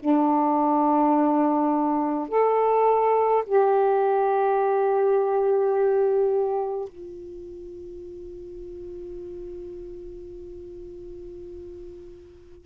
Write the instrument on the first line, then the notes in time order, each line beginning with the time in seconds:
saxophone
0.00 D4
2.29 A4
3.46 G4
6.89 F4